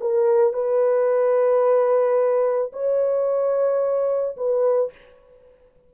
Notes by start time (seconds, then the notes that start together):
0.00 A#4
0.53 B4
2.72 C#5
4.36 B4